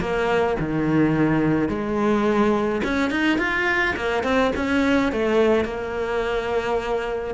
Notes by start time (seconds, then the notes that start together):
0.00 A#3
0.59 D#3
1.68 G#3
2.83 C#4
3.11 D#4
3.38 F4
3.96 A#3
4.23 C4
4.56 C#4
5.12 A3
5.64 A#3